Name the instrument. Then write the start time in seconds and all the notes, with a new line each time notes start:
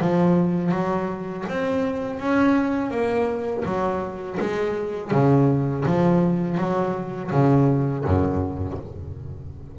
double bass
0.00 F3
0.72 F#3
1.49 C4
2.20 C#4
2.91 A#3
3.65 F#3
4.40 G#3
5.11 C#3
5.85 F3
6.58 F#3
7.31 C#3
8.05 F#2